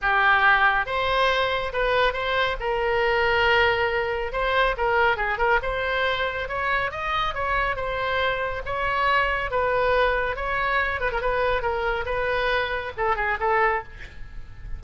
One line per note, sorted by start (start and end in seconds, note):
0.01 0.86 G4
0.86 1.72 C5
1.72 2.13 B4
2.13 2.56 C5
2.59 4.32 A#4
4.32 4.75 C5
4.77 5.17 A#4
5.17 5.38 G#4
5.38 5.59 A#4
5.62 6.48 C5
6.48 6.91 C#5
6.91 7.34 D#5
7.34 7.75 C#5
7.75 8.62 C5
8.65 9.50 C#5
9.50 10.36 B4
10.36 11.00 C#5
11.00 11.11 B4
11.11 11.21 A#4
11.21 11.61 B4
11.61 12.05 A#4
12.05 12.92 B4
12.97 13.16 A4
13.16 13.37 G#4
13.39 13.83 A4